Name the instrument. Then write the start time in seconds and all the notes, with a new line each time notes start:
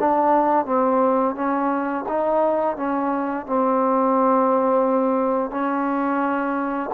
trombone
0.00 D4
0.66 C4
1.35 C#4
2.09 D#4
2.77 C#4
3.47 C4
5.51 C#4